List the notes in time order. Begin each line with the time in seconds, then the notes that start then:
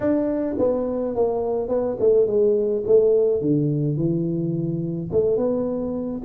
0.00 D4
0.58 B3
1.15 A#3
1.68 B3
1.99 A3
2.26 G#3
2.86 A3
3.41 D3
3.96 E3
5.11 A3
5.36 B3